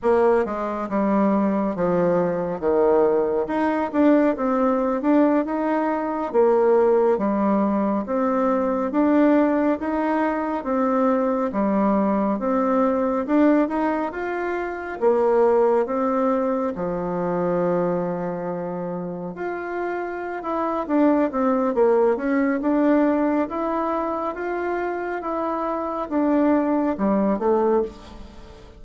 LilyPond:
\new Staff \with { instrumentName = "bassoon" } { \time 4/4 \tempo 4 = 69 ais8 gis8 g4 f4 dis4 | dis'8 d'8 c'8. d'8 dis'4 ais8.~ | ais16 g4 c'4 d'4 dis'8.~ | dis'16 c'4 g4 c'4 d'8 dis'16~ |
dis'16 f'4 ais4 c'4 f8.~ | f2~ f16 f'4~ f'16 e'8 | d'8 c'8 ais8 cis'8 d'4 e'4 | f'4 e'4 d'4 g8 a8 | }